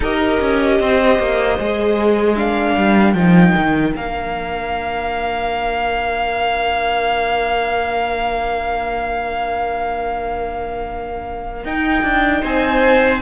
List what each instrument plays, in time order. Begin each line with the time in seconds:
0.00 cello D#4, viola G4, violin A#4 D#5
0.40 cello C#4
0.80 cello C4, violin C5
1.19 cello A#3
1.58 cello G#3, viola G#4
2.36 viola D4, violin A#4 F5
2.75 cello G3
3.13 cello F3, viola D#4, violin G5
3.55 cello D#3
3.94 cello A#3, viola D4, violin F5
11.64 cello D#4, viola D#4, violin G5
12.02 cello D4
12.41 cello C4, violin C5 G#5